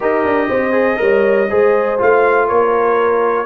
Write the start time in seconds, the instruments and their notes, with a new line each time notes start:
0.00 tuba D#4, trombone G4, horn A#4, trumpet D#5
0.24 tuba D4
0.48 tuba C4, horn C5
0.72 trombone G#4
0.96 tuba G3, trombone A#4, horn C#5
1.49 tuba G#3, trombone G#4, horn C5
1.98 tuba A3, trombone F4, trumpet F5
2.47 tuba A#3, horn A#4, trumpet C#5